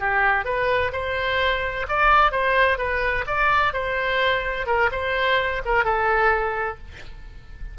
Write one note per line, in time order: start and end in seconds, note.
0.00 0.45 G4
0.45 0.92 B4
0.93 1.87 C5
1.89 2.32 D5
2.32 2.78 C5
2.78 3.25 B4
3.27 3.74 D5
3.74 4.67 C5
4.67 4.90 A#4
4.92 5.62 C5
5.66 5.85 A#4
5.85 6.79 A4